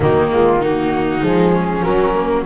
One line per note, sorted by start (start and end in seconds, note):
0.00 1.22 D#3
0.00 0.29 F#3
0.00 0.60 A#3
0.00 0.29 D#4
0.31 0.61 G#3
0.31 0.62 F4
0.61 1.20 A#3
0.61 1.52 D#4
0.61 1.24 F#4
1.20 1.84 F3
1.20 1.81 G#3
1.20 1.82 G#4
1.52 2.44 C#4
1.81 2.12 F#3
1.81 2.45 F#3
1.81 2.43 A#4
2.14 2.45 A#3